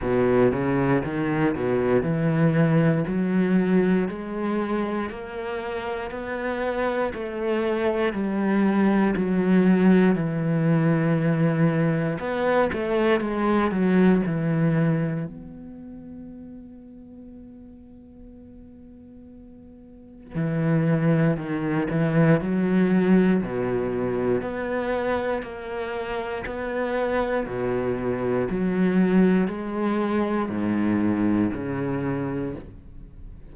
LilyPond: \new Staff \with { instrumentName = "cello" } { \time 4/4 \tempo 4 = 59 b,8 cis8 dis8 b,8 e4 fis4 | gis4 ais4 b4 a4 | g4 fis4 e2 | b8 a8 gis8 fis8 e4 b4~ |
b1 | e4 dis8 e8 fis4 b,4 | b4 ais4 b4 b,4 | fis4 gis4 gis,4 cis4 | }